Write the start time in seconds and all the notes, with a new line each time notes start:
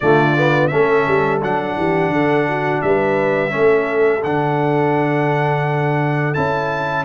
0.00 D3 A3 F4 D5
0.37 B3
0.67 A3 C#4 A4 E5
1.07 G3
1.42 F#3 D4 F#5
1.76 E3 G4
2.09 D3 A4
2.49 F#4
2.81 G3 B4 E5
3.50 A3 C#4 A4
4.23 D3 D4 F#5
6.34 C#4 E4 A5